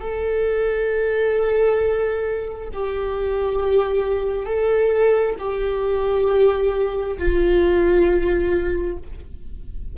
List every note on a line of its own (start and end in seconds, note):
0.00 2.69 A4
2.72 4.46 G4
4.46 5.35 A4
5.39 7.18 G4
7.18 8.97 F4